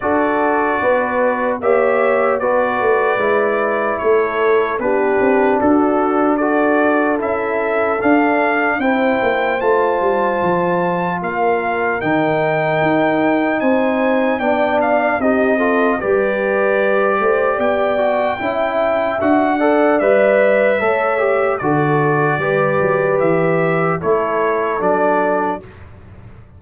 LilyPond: <<
  \new Staff \with { instrumentName = "trumpet" } { \time 4/4 \tempo 4 = 75 d''2 e''4 d''4~ | d''4 cis''4 b'4 a'4 | d''4 e''4 f''4 g''4 | a''2 f''4 g''4~ |
g''4 gis''4 g''8 f''8 dis''4 | d''2 g''2 | fis''4 e''2 d''4~ | d''4 e''4 cis''4 d''4 | }
  \new Staff \with { instrumentName = "horn" } { \time 4/4 a'4 b'4 cis''4 b'4~ | b'4 a'4 g'4 fis'4 | a'2. c''4~ | c''2 ais'2~ |
ais'4 c''4 d''4 g'8 a'8 | b'4. c''8 d''4 e''4~ | e''8 d''4. cis''4 a'4 | b'2 a'2 | }
  \new Staff \with { instrumentName = "trombone" } { \time 4/4 fis'2 g'4 fis'4 | e'2 d'2 | fis'4 e'4 d'4 e'4 | f'2. dis'4~ |
dis'2 d'4 dis'8 f'8 | g'2~ g'8 fis'8 e'4 | fis'8 a'8 b'4 a'8 g'8 fis'4 | g'2 e'4 d'4 | }
  \new Staff \with { instrumentName = "tuba" } { \time 4/4 d'4 b4 ais4 b8 a8 | gis4 a4 b8 c'8 d'4~ | d'4 cis'4 d'4 c'8 ais8 | a8 g8 f4 ais4 dis4 |
dis'4 c'4 b4 c'4 | g4. a8 b4 cis'4 | d'4 g4 a4 d4 | g8 fis8 e4 a4 fis4 | }
>>